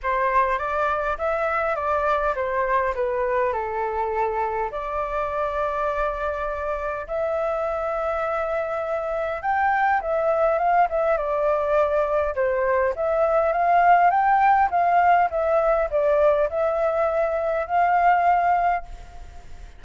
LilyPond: \new Staff \with { instrumentName = "flute" } { \time 4/4 \tempo 4 = 102 c''4 d''4 e''4 d''4 | c''4 b'4 a'2 | d''1 | e''1 |
g''4 e''4 f''8 e''8 d''4~ | d''4 c''4 e''4 f''4 | g''4 f''4 e''4 d''4 | e''2 f''2 | }